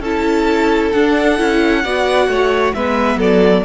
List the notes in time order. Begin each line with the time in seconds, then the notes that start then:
0.00 C#4 E4 A4 A5
0.92 D4 F#5
1.38 C#4 E4
1.84 B3 F#4 D5
2.28 A3 C#5
2.74 G#3 B3 B4 E5
3.16 F#3 A4 D5